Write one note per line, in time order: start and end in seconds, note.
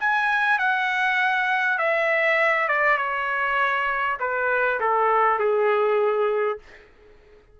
0.00 0.59 G#5
0.59 1.78 F#5
1.78 2.68 E5
2.68 2.97 D5
2.97 4.17 C#5
4.20 4.80 B4
4.80 5.39 A4
5.39 6.59 G#4